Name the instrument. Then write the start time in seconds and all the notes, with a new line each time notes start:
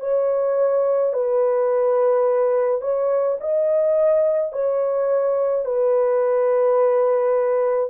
horn
0.00 C#5
1.13 B4
2.81 C#5
3.40 D#5
4.52 C#5
5.65 B4